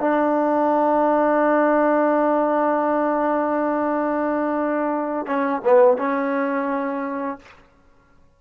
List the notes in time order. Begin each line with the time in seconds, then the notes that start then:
0.00 D4
5.26 C#4
5.64 B3
5.98 C#4